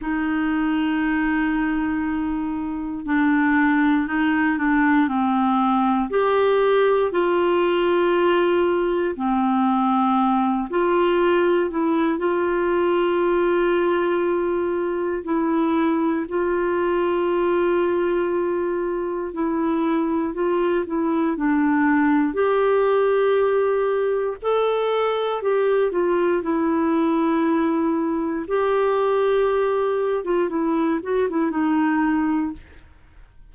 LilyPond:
\new Staff \with { instrumentName = "clarinet" } { \time 4/4 \tempo 4 = 59 dis'2. d'4 | dis'8 d'8 c'4 g'4 f'4~ | f'4 c'4. f'4 e'8 | f'2. e'4 |
f'2. e'4 | f'8 e'8 d'4 g'2 | a'4 g'8 f'8 e'2 | g'4.~ g'16 f'16 e'8 fis'16 e'16 dis'4 | }